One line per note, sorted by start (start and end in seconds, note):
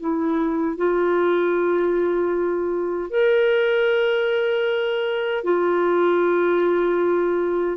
0.00 0.77 E4
0.77 3.10 F4
3.10 5.44 A#4
5.44 7.77 F4